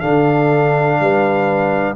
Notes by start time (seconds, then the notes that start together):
0.00 D3 D4 A4 F5
1.00 G3 B4